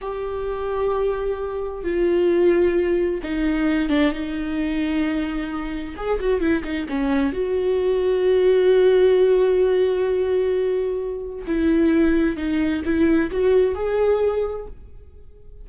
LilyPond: \new Staff \with { instrumentName = "viola" } { \time 4/4 \tempo 4 = 131 g'1 | f'2. dis'4~ | dis'8 d'8 dis'2.~ | dis'4 gis'8 fis'8 e'8 dis'8 cis'4 |
fis'1~ | fis'1~ | fis'4 e'2 dis'4 | e'4 fis'4 gis'2 | }